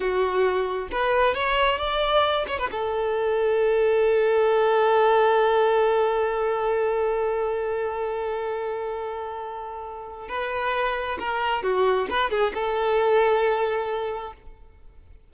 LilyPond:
\new Staff \with { instrumentName = "violin" } { \time 4/4 \tempo 4 = 134 fis'2 b'4 cis''4 | d''4. cis''16 b'16 a'2~ | a'1~ | a'1~ |
a'1~ | a'2. b'4~ | b'4 ais'4 fis'4 b'8 gis'8 | a'1 | }